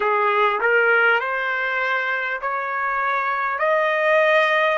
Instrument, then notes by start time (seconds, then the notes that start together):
trumpet
0.00 G#4
0.60 A#4
1.20 C5
2.41 C#5
3.58 D#5